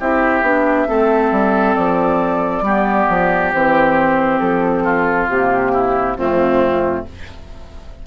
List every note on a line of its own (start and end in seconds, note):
0.00 0.42 C4
0.00 0.44 E4
0.00 0.88 G4
0.00 1.75 E5
0.42 0.86 B3
0.42 0.87 D4
0.87 1.32 A3
0.87 2.64 C4
0.87 2.64 A4
1.32 1.76 G3
1.75 2.62 F3
1.75 3.52 D5
2.62 3.06 G3
2.62 3.54 B3
2.62 4.83 G4
3.09 3.53 F3
3.53 4.40 E3
3.53 5.30 C4
3.53 4.40 C5
4.40 5.28 F3
4.40 5.28 A4
4.83 5.72 F4
5.28 6.17 C3
5.28 6.18 A#3
5.28 6.17 G4
5.73 6.17 E4
6.17 7.06 F2
6.17 7.07 A3
6.17 7.06 C4
6.17 7.05 F4